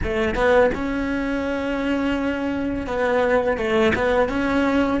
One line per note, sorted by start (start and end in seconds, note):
0.03 0.34 A3
0.34 0.70 B3
0.74 2.86 C#4
2.86 3.57 B3
3.57 3.93 A3
3.95 4.29 B3
4.29 5.00 C#4